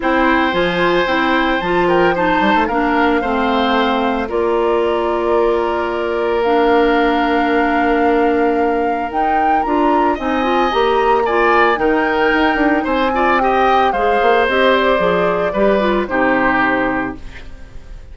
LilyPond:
<<
  \new Staff \with { instrumentName = "flute" } { \time 4/4 \tempo 4 = 112 g''4 gis''4 g''4 a''8 g''8 | a''4 f''2. | d''1 | f''1~ |
f''4 g''4 ais''4 gis''4 | ais''4 gis''4 g''2 | gis''4 g''4 f''4 dis''8 d''8~ | d''2 c''2 | }
  \new Staff \with { instrumentName = "oboe" } { \time 4/4 c''2.~ c''8 ais'8 | c''4 ais'4 c''2 | ais'1~ | ais'1~ |
ais'2. dis''4~ | dis''4 d''4 ais'2 | c''8 d''8 dis''4 c''2~ | c''4 b'4 g'2 | }
  \new Staff \with { instrumentName = "clarinet" } { \time 4/4 e'4 f'4 e'4 f'4 | dis'4 d'4 c'2 | f'1 | d'1~ |
d'4 dis'4 f'4 dis'8 f'8 | g'4 f'4 dis'2~ | dis'8 f'8 g'4 gis'4 g'4 | gis'4 g'8 f'8 dis'2 | }
  \new Staff \with { instrumentName = "bassoon" } { \time 4/4 c'4 f4 c'4 f4~ | f8 g16 a16 ais4 a2 | ais1~ | ais1~ |
ais4 dis'4 d'4 c'4 | ais2 dis4 dis'8 d'8 | c'2 gis8 ais8 c'4 | f4 g4 c2 | }
>>